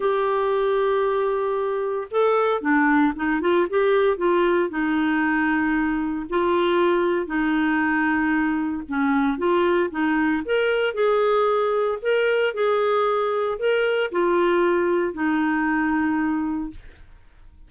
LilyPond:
\new Staff \with { instrumentName = "clarinet" } { \time 4/4 \tempo 4 = 115 g'1 | a'4 d'4 dis'8 f'8 g'4 | f'4 dis'2. | f'2 dis'2~ |
dis'4 cis'4 f'4 dis'4 | ais'4 gis'2 ais'4 | gis'2 ais'4 f'4~ | f'4 dis'2. | }